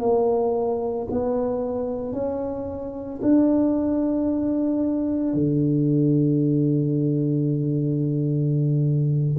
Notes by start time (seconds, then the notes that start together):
0.00 A#3
1.11 B3
2.13 C#4
3.22 D4
5.34 D3